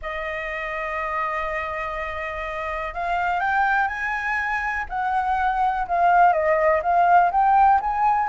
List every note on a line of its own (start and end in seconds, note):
0.02 2.94 D#5
2.94 3.39 F5
3.39 3.87 G5
3.87 4.85 G#5
4.89 5.86 F#5
5.87 6.32 F5
6.32 6.81 D#5
6.82 7.31 F5
7.31 7.80 G5
7.80 8.29 G#5